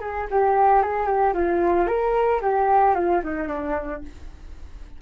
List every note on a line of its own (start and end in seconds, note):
0.00 0.27 G#4
0.30 0.82 G4
0.82 1.06 G#4
1.06 1.33 G4
1.33 1.87 F4
1.87 2.41 A#4
2.41 2.95 G4
2.95 3.21 F4
3.23 3.47 D#4
3.47 4.01 D4